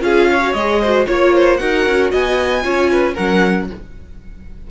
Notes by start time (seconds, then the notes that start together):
0.00 C#4 F4 G#4 F5
0.31 C#5
0.42 F#4
0.53 G#3 G#4 D#5
0.81 F#4 C5
1.06 A#3 F4 C#5
1.34 C5
1.57 D#4 F#4 A#4 F#5
1.86 C#4
2.11 B3 D#5 G#5
2.62 C#4 F4 C#5
2.91 B4
3.14 F#3 C#4 A#4 F#5